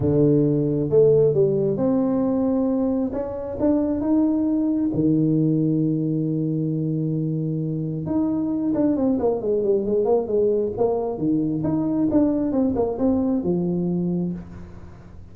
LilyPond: \new Staff \with { instrumentName = "tuba" } { \time 4/4 \tempo 4 = 134 d2 a4 g4 | c'2. cis'4 | d'4 dis'2 dis4~ | dis1~ |
dis2 dis'4. d'8 | c'8 ais8 gis8 g8 gis8 ais8 gis4 | ais4 dis4 dis'4 d'4 | c'8 ais8 c'4 f2 | }